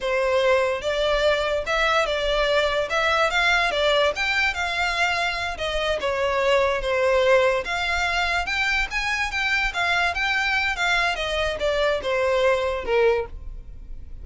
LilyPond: \new Staff \with { instrumentName = "violin" } { \time 4/4 \tempo 4 = 145 c''2 d''2 | e''4 d''2 e''4 | f''4 d''4 g''4 f''4~ | f''4. dis''4 cis''4.~ |
cis''8 c''2 f''4.~ | f''8 g''4 gis''4 g''4 f''8~ | f''8 g''4. f''4 dis''4 | d''4 c''2 ais'4 | }